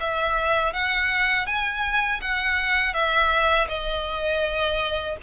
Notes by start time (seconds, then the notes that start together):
0.00 E5
0.73 F#5
1.46 G#5
2.21 F#5
2.94 E5
3.68 D#5